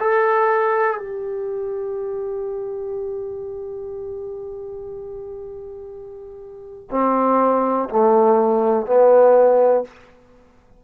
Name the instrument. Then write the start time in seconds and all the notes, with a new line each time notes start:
trombone
0.00 A4
0.98 G4
6.91 C4
7.90 A3
8.86 B3